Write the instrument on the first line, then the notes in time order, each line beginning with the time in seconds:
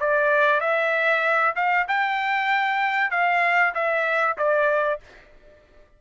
trumpet
0.00 D5
0.61 E5
1.56 F5
1.88 G5
3.11 F5
3.74 E5
4.38 D5